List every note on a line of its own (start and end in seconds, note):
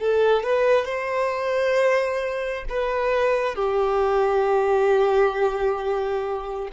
0.00 0.44 A4
0.44 0.85 B4
0.85 2.65 C5
2.69 3.55 B4
3.55 6.69 G4